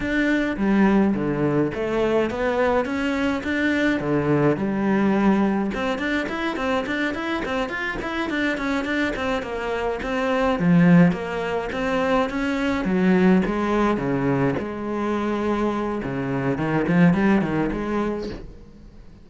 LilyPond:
\new Staff \with { instrumentName = "cello" } { \time 4/4 \tempo 4 = 105 d'4 g4 d4 a4 | b4 cis'4 d'4 d4 | g2 c'8 d'8 e'8 c'8 | d'8 e'8 c'8 f'8 e'8 d'8 cis'8 d'8 |
c'8 ais4 c'4 f4 ais8~ | ais8 c'4 cis'4 fis4 gis8~ | gis8 cis4 gis2~ gis8 | cis4 dis8 f8 g8 dis8 gis4 | }